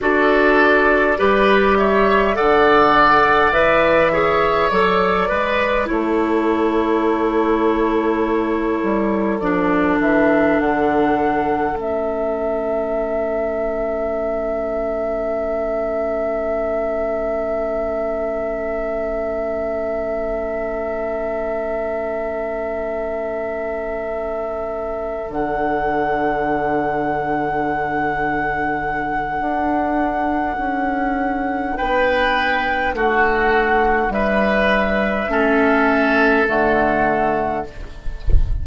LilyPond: <<
  \new Staff \with { instrumentName = "flute" } { \time 4/4 \tempo 4 = 51 d''4. e''8 fis''4 e''4 | d''4 cis''2. | d''8 e''8 fis''4 e''2~ | e''1~ |
e''1~ | e''4. fis''2~ fis''8~ | fis''2. g''4 | fis''4 e''2 fis''4 | }
  \new Staff \with { instrumentName = "oboe" } { \time 4/4 a'4 b'8 cis''8 d''4. cis''8~ | cis''8 b'8 a'2.~ | a'1~ | a'1~ |
a'1~ | a'1~ | a'2. b'4 | fis'4 b'4 a'2 | }
  \new Staff \with { instrumentName = "clarinet" } { \time 4/4 fis'4 g'4 a'4 b'8 gis'8 | a'8 b'8 e'2. | d'2 cis'2~ | cis'1~ |
cis'1~ | cis'4. d'2~ d'8~ | d'1~ | d'2 cis'4 a4 | }
  \new Staff \with { instrumentName = "bassoon" } { \time 4/4 d'4 g4 d4 e4 | fis8 gis8 a2~ a8 g8 | f8 e8 d4 a2~ | a1~ |
a1~ | a4. d2~ d8~ | d4 d'4 cis'4 b4 | a4 g4 a4 d4 | }
>>